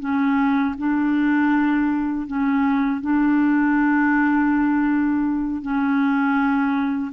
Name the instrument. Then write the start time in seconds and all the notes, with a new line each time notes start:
clarinet
0.00 C#4
0.78 D4
2.27 C#4
3.01 D4
5.62 C#4